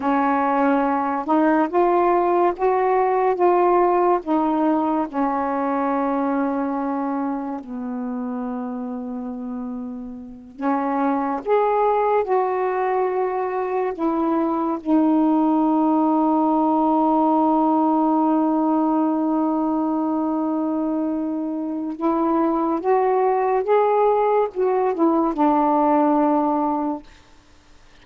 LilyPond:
\new Staff \with { instrumentName = "saxophone" } { \time 4/4 \tempo 4 = 71 cis'4. dis'8 f'4 fis'4 | f'4 dis'4 cis'2~ | cis'4 b2.~ | b8 cis'4 gis'4 fis'4.~ |
fis'8 e'4 dis'2~ dis'8~ | dis'1~ | dis'2 e'4 fis'4 | gis'4 fis'8 e'8 d'2 | }